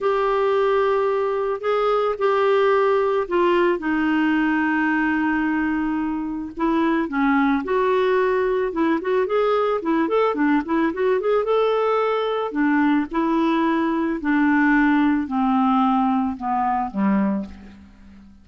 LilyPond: \new Staff \with { instrumentName = "clarinet" } { \time 4/4 \tempo 4 = 110 g'2. gis'4 | g'2 f'4 dis'4~ | dis'1 | e'4 cis'4 fis'2 |
e'8 fis'8 gis'4 e'8 a'8 d'8 e'8 | fis'8 gis'8 a'2 d'4 | e'2 d'2 | c'2 b4 g4 | }